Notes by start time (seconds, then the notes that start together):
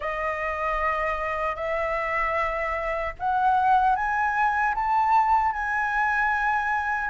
0.00 D#5
1.55 E5
3.19 F#5
3.95 G#5
4.74 A5
5.52 G#5